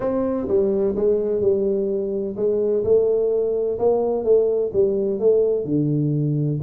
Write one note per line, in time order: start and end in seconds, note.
0.00 0.47 C4
0.47 0.95 G3
0.95 1.41 G#3
1.41 2.35 G3
2.36 2.83 G#3
2.83 3.78 A3
3.78 4.24 A#3
4.24 4.71 A3
4.73 5.19 G3
5.19 5.65 A3
5.65 6.59 D3